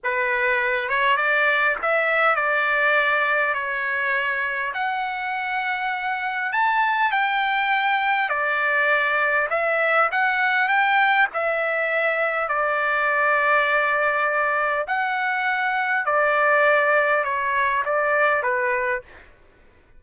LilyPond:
\new Staff \with { instrumentName = "trumpet" } { \time 4/4 \tempo 4 = 101 b'4. cis''8 d''4 e''4 | d''2 cis''2 | fis''2. a''4 | g''2 d''2 |
e''4 fis''4 g''4 e''4~ | e''4 d''2.~ | d''4 fis''2 d''4~ | d''4 cis''4 d''4 b'4 | }